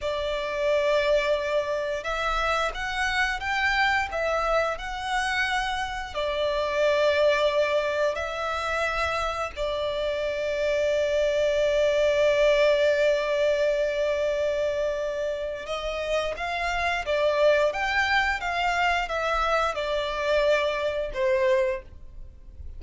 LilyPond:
\new Staff \with { instrumentName = "violin" } { \time 4/4 \tempo 4 = 88 d''2. e''4 | fis''4 g''4 e''4 fis''4~ | fis''4 d''2. | e''2 d''2~ |
d''1~ | d''2. dis''4 | f''4 d''4 g''4 f''4 | e''4 d''2 c''4 | }